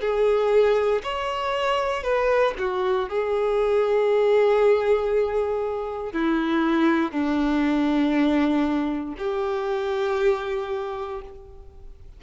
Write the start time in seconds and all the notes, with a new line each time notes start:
0.00 G#4
1.03 C#5
2.03 B4
2.58 F#4
3.09 G#4
6.12 E4
7.11 D4
9.18 G4